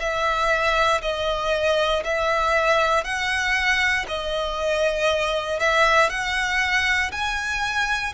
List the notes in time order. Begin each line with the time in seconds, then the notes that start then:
0.00 E5
1.02 D#5
2.04 E5
3.04 F#5
4.08 D#5
5.60 E5
6.10 F#5
7.12 G#5